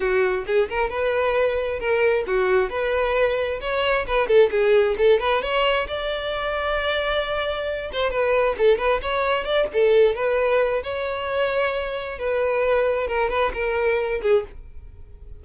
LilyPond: \new Staff \with { instrumentName = "violin" } { \time 4/4 \tempo 4 = 133 fis'4 gis'8 ais'8 b'2 | ais'4 fis'4 b'2 | cis''4 b'8 a'8 gis'4 a'8 b'8 | cis''4 d''2.~ |
d''4. c''8 b'4 a'8 b'8 | cis''4 d''8 a'4 b'4. | cis''2. b'4~ | b'4 ais'8 b'8 ais'4. gis'8 | }